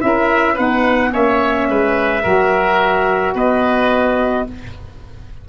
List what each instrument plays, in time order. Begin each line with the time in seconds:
0.00 tuba C#4, saxophone E4, oboe A#4, trumpet E5
0.55 tuba B3, saxophone D#4, oboe B4, trumpet F#5
1.10 tuba A#3, saxophone C#4, oboe C#5, trumpet E5
1.69 tuba G#3, oboe B4
2.24 tuba F#3, saxophone F#4, oboe A#4
3.35 tuba B3, oboe B4, trumpet D#5